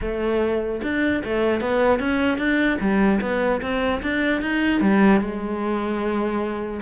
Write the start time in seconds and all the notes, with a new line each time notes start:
0.01 A3
0.82 D4
1.24 A3
1.60 B3
1.99 C#4
2.37 D4
2.80 G3
3.21 B3
3.61 C4
4.02 D4
4.41 D#4
4.80 G3
5.20 G#3